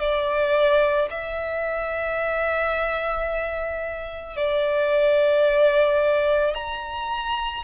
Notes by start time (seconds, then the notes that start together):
0.00 D5
1.10 E5
4.37 D5
6.55 A#5